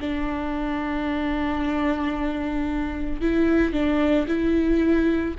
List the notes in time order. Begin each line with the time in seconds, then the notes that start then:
0.00 D4
3.21 E4
3.72 D4
4.28 E4